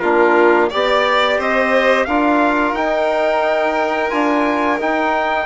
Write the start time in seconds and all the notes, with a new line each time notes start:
0.00 A#3 D4 F4 A#4
0.70 B3 G4 D5
1.38 C4 C5 D#5
2.05 D4 F4 A#4 F5
2.73 D#4 G5
4.10 D4 F4 G#5
4.79 D#4 G5